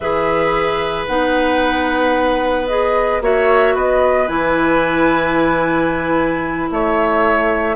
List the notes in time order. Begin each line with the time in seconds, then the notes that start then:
0.00 E3 G#4 B4 E5
1.06 B3 D#4 F#5
2.67 G#4 D#5
3.21 A#3 F#4 C#5 E5
3.74 B3 B4 D#5
4.27 E3 E4 G#5
6.70 A3 C#5 E5